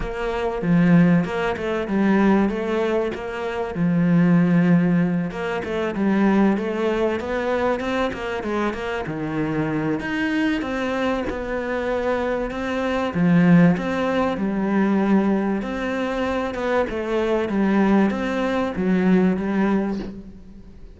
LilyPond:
\new Staff \with { instrumentName = "cello" } { \time 4/4 \tempo 4 = 96 ais4 f4 ais8 a8 g4 | a4 ais4 f2~ | f8 ais8 a8 g4 a4 b8~ | b8 c'8 ais8 gis8 ais8 dis4. |
dis'4 c'4 b2 | c'4 f4 c'4 g4~ | g4 c'4. b8 a4 | g4 c'4 fis4 g4 | }